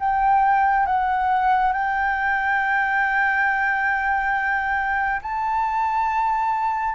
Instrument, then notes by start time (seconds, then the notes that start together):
flute
0.00 G5
0.86 F#5
1.73 G5
5.22 A5